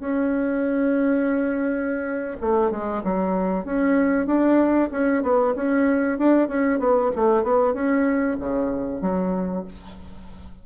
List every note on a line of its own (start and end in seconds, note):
0.00 2.37 C#4
2.41 2.71 A3
2.71 3.03 G#3
3.04 3.65 F#3
3.65 4.27 C#4
4.27 4.90 D4
4.92 5.23 C#4
5.23 5.55 B3
5.56 6.18 C#4
6.18 6.48 D4
6.48 6.80 C#4
6.80 7.11 B3
7.16 7.43 A3
7.43 7.74 B3
7.74 8.37 C#4
8.40 9.01 C#3
9.01 9.65 F#3